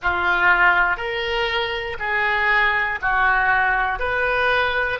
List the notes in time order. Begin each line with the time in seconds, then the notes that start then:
0.02 F4
0.96 A#4
1.99 G#4
3.01 F#4
3.99 B4